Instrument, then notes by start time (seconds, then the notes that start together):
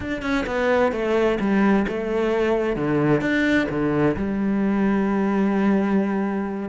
cello
0.00 D4
0.22 C#4
0.46 B3
0.92 A3
1.40 G3
1.88 A3
2.76 D3
3.21 D4
3.69 D3
4.16 G3